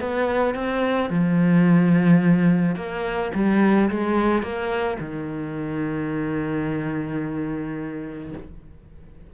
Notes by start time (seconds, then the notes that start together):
0.00 B3
0.55 C4
1.10 F3
2.76 A#3
3.34 G3
3.90 G#3
4.42 A#3
4.99 D#3